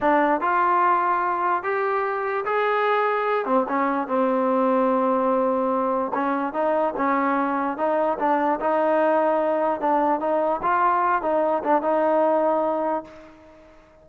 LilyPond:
\new Staff \with { instrumentName = "trombone" } { \time 4/4 \tempo 4 = 147 d'4 f'2. | g'2 gis'2~ | gis'8 c'8 cis'4 c'2~ | c'2. cis'4 |
dis'4 cis'2 dis'4 | d'4 dis'2. | d'4 dis'4 f'4. dis'8~ | dis'8 d'8 dis'2. | }